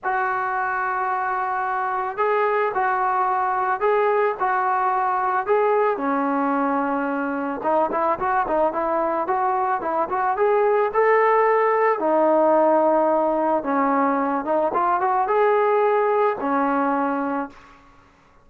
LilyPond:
\new Staff \with { instrumentName = "trombone" } { \time 4/4 \tempo 4 = 110 fis'1 | gis'4 fis'2 gis'4 | fis'2 gis'4 cis'4~ | cis'2 dis'8 e'8 fis'8 dis'8 |
e'4 fis'4 e'8 fis'8 gis'4 | a'2 dis'2~ | dis'4 cis'4. dis'8 f'8 fis'8 | gis'2 cis'2 | }